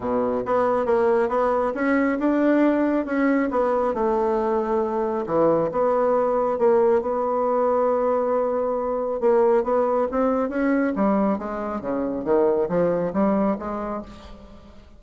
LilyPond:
\new Staff \with { instrumentName = "bassoon" } { \time 4/4 \tempo 4 = 137 b,4 b4 ais4 b4 | cis'4 d'2 cis'4 | b4 a2. | e4 b2 ais4 |
b1~ | b4 ais4 b4 c'4 | cis'4 g4 gis4 cis4 | dis4 f4 g4 gis4 | }